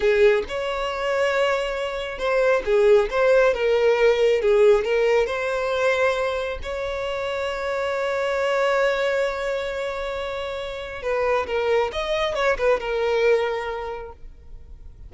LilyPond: \new Staff \with { instrumentName = "violin" } { \time 4/4 \tempo 4 = 136 gis'4 cis''2.~ | cis''4 c''4 gis'4 c''4 | ais'2 gis'4 ais'4 | c''2. cis''4~ |
cis''1~ | cis''1~ | cis''4 b'4 ais'4 dis''4 | cis''8 b'8 ais'2. | }